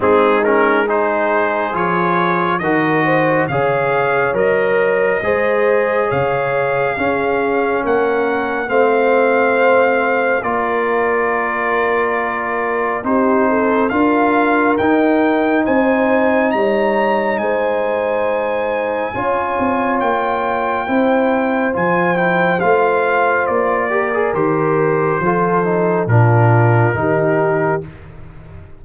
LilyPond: <<
  \new Staff \with { instrumentName = "trumpet" } { \time 4/4 \tempo 4 = 69 gis'8 ais'8 c''4 cis''4 dis''4 | f''4 dis''2 f''4~ | f''4 fis''4 f''2 | d''2. c''4 |
f''4 g''4 gis''4 ais''4 | gis''2. g''4~ | g''4 gis''8 g''8 f''4 d''4 | c''2 ais'2 | }
  \new Staff \with { instrumentName = "horn" } { \time 4/4 dis'4 gis'2 ais'8 c''8 | cis''2 c''4 cis''4 | gis'4 ais'4 c''2 | ais'2. g'8 a'8 |
ais'2 c''4 cis''4 | c''2 cis''2 | c''2.~ c''8 ais'8~ | ais'4 a'4 f'4 g'4 | }
  \new Staff \with { instrumentName = "trombone" } { \time 4/4 c'8 cis'8 dis'4 f'4 fis'4 | gis'4 ais'4 gis'2 | cis'2 c'2 | f'2. dis'4 |
f'4 dis'2.~ | dis'2 f'2 | e'4 f'8 e'8 f'4. g'16 gis'16 | g'4 f'8 dis'8 d'4 dis'4 | }
  \new Staff \with { instrumentName = "tuba" } { \time 4/4 gis2 f4 dis4 | cis4 fis4 gis4 cis4 | cis'4 ais4 a2 | ais2. c'4 |
d'4 dis'4 c'4 g4 | gis2 cis'8 c'8 ais4 | c'4 f4 a4 ais4 | dis4 f4 ais,4 dis4 | }
>>